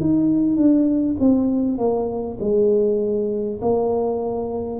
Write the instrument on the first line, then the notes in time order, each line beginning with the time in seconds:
tuba
0.00 D#4
0.56 D4
1.19 C4
1.78 A#3
2.40 G#3
3.62 A#3